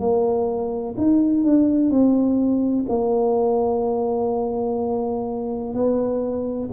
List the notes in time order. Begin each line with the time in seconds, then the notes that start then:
0.00 A#3
0.97 D#4
1.44 D4
1.90 C4
2.89 A#3
5.74 B3